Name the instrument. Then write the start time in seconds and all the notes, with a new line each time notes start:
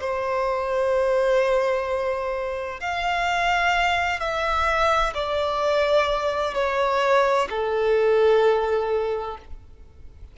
violin
0.00 C5
2.80 F5
4.20 E5
5.14 D5
6.55 C#5
7.50 A4